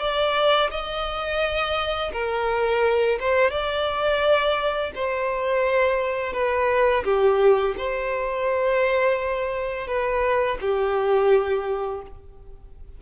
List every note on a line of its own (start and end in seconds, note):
0.00 0.71 D5
0.71 2.12 D#5
2.13 3.19 A#4
3.20 3.51 C5
3.51 4.92 D5
4.95 6.33 C5
6.33 7.04 B4
7.04 7.75 G4
7.78 9.87 C5
9.87 10.58 B4
10.61 12.02 G4